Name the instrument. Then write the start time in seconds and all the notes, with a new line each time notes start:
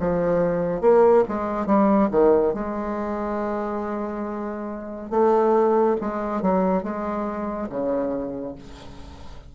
bassoon
0.00 F3
0.81 A#3
1.28 G#3
1.66 G3
2.11 D#3
2.54 G#3
5.10 A3
6.01 G#3
6.42 F#3
6.83 G#3
7.69 C#3